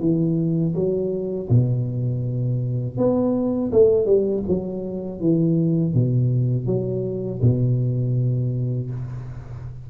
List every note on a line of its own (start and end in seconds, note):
0.00 0.74 E3
0.75 1.49 F#3
1.49 2.98 B2
2.98 3.72 B3
3.72 4.06 A3
4.06 4.43 G3
4.48 5.20 F#3
5.20 5.94 E3
5.94 6.66 B2
6.66 7.40 F#3
7.42 8.90 B2